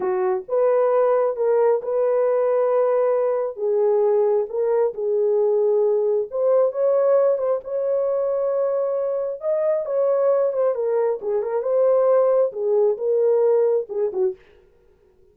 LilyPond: \new Staff \with { instrumentName = "horn" } { \time 4/4 \tempo 4 = 134 fis'4 b'2 ais'4 | b'1 | gis'2 ais'4 gis'4~ | gis'2 c''4 cis''4~ |
cis''8 c''8 cis''2.~ | cis''4 dis''4 cis''4. c''8 | ais'4 gis'8 ais'8 c''2 | gis'4 ais'2 gis'8 fis'8 | }